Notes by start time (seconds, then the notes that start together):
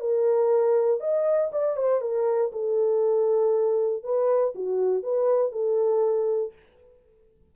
0.00 A#4
1.00 D#5
1.52 D5
1.77 C5
2.01 A#4
2.52 A4
4.03 B4
4.55 F#4
5.03 B4
5.52 A4